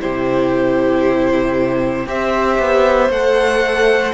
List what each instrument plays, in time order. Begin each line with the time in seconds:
0.00 cello C3, viola E4, violin G4 C5
2.07 cello C4, viola G4, violin C5 E5
2.59 cello B3
3.09 cello A3, viola A4, violin F#5